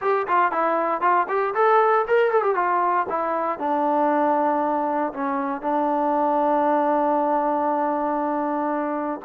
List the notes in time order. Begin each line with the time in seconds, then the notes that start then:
0.01 G4
0.27 F4
0.51 E4
1.01 F4
1.28 G4
1.54 A4
2.07 A#4
2.31 A4
2.42 G4
2.55 F4
3.09 E4
3.59 D4
5.13 C#4
5.61 D4